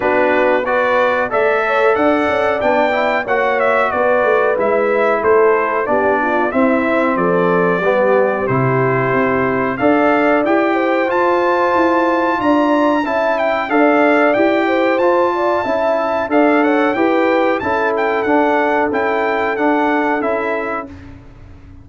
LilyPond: <<
  \new Staff \with { instrumentName = "trumpet" } { \time 4/4 \tempo 4 = 92 b'4 d''4 e''4 fis''4 | g''4 fis''8 e''8 d''4 e''4 | c''4 d''4 e''4 d''4~ | d''4 c''2 f''4 |
g''4 a''2 ais''4 | a''8 g''8 f''4 g''4 a''4~ | a''4 f''8 fis''8 g''4 a''8 g''8 | fis''4 g''4 fis''4 e''4 | }
  \new Staff \with { instrumentName = "horn" } { \time 4/4 fis'4 b'4 d''8 cis''8 d''4~ | d''4 cis''4 b'2 | a'4 g'8 f'8 e'4 a'4 | g'2. d''4~ |
d''8 c''2~ c''8 d''4 | e''4 d''4. c''4 d''8 | e''4 d''8 cis''8 b'4 a'4~ | a'1 | }
  \new Staff \with { instrumentName = "trombone" } { \time 4/4 d'4 fis'4 a'2 | d'8 e'8 fis'2 e'4~ | e'4 d'4 c'2 | b4 e'2 a'4 |
g'4 f'2. | e'4 a'4 g'4 f'4 | e'4 a'4 g'4 e'4 | d'4 e'4 d'4 e'4 | }
  \new Staff \with { instrumentName = "tuba" } { \time 4/4 b2 a4 d'8 cis'8 | b4 ais4 b8 a8 gis4 | a4 b4 c'4 f4 | g4 c4 c'4 d'4 |
e'4 f'4 e'4 d'4 | cis'4 d'4 e'4 f'4 | cis'4 d'4 e'4 cis'4 | d'4 cis'4 d'4 cis'4 | }
>>